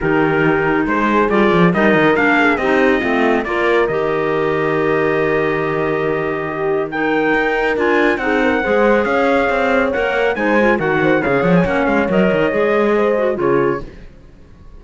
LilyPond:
<<
  \new Staff \with { instrumentName = "trumpet" } { \time 4/4 \tempo 4 = 139 ais'2 c''4 d''4 | dis''4 f''4 dis''2 | d''4 dis''2.~ | dis''1 |
g''2 gis''4 fis''4~ | fis''4 f''2 fis''4 | gis''4 fis''4 f''8 fis''16 gis''16 fis''8 f''8 | dis''2. cis''4 | }
  \new Staff \with { instrumentName = "horn" } { \time 4/4 g'2 gis'2 | ais'4. gis'8 g'4 f'4 | ais'1~ | ais'2. g'4 |
ais'2. gis'8 ais'8 | c''4 cis''2. | c''4 ais'8 c''8 cis''2~ | cis''2 c''4 gis'4 | }
  \new Staff \with { instrumentName = "clarinet" } { \time 4/4 dis'2. f'4 | dis'4 d'4 dis'4 c'4 | f'4 g'2.~ | g'1 |
dis'2 f'4 dis'4 | gis'2. ais'4 | dis'8 f'8 fis'4 gis'4 cis'4 | ais'4 gis'4. fis'8 f'4 | }
  \new Staff \with { instrumentName = "cello" } { \time 4/4 dis2 gis4 g8 f8 | g8 dis8 ais4 c'4 a4 | ais4 dis2.~ | dis1~ |
dis4 dis'4 d'4 c'4 | gis4 cis'4 c'4 ais4 | gis4 dis4 cis8 f8 ais8 gis8 | fis8 dis8 gis2 cis4 | }
>>